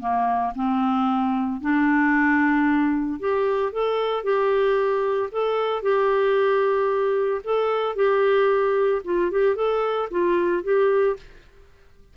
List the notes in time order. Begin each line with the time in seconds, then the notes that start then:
0.00 A#3
0.55 C4
1.61 D4
3.20 G4
3.73 A4
4.24 G4
5.31 A4
5.82 G4
7.44 A4
7.96 G4
9.05 F4
9.31 G4
9.56 A4
10.11 F4
10.63 G4